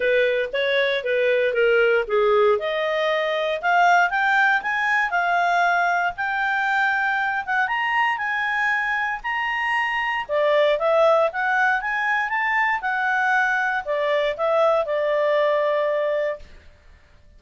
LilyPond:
\new Staff \with { instrumentName = "clarinet" } { \time 4/4 \tempo 4 = 117 b'4 cis''4 b'4 ais'4 | gis'4 dis''2 f''4 | g''4 gis''4 f''2 | g''2~ g''8 fis''8 ais''4 |
gis''2 ais''2 | d''4 e''4 fis''4 gis''4 | a''4 fis''2 d''4 | e''4 d''2. | }